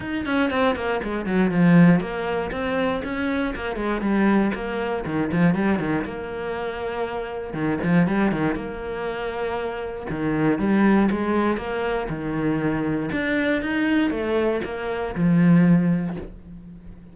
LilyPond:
\new Staff \with { instrumentName = "cello" } { \time 4/4 \tempo 4 = 119 dis'8 cis'8 c'8 ais8 gis8 fis8 f4 | ais4 c'4 cis'4 ais8 gis8 | g4 ais4 dis8 f8 g8 dis8 | ais2. dis8 f8 |
g8 dis8 ais2. | dis4 g4 gis4 ais4 | dis2 d'4 dis'4 | a4 ais4 f2 | }